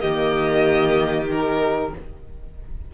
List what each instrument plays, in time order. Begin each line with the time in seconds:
0.00 cello D#3, horn A#3, violin G4 D#5
1.29 horn D#4, violin A#4